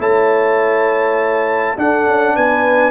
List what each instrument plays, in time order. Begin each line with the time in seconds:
0.00 tuba A3, trombone E4, horn C#5, trumpet A5
1.77 trombone D4, tuba D4, horn A4, trumpet F#5
2.07 tuba C#4
2.35 tuba B3, horn B4, trumpet G#5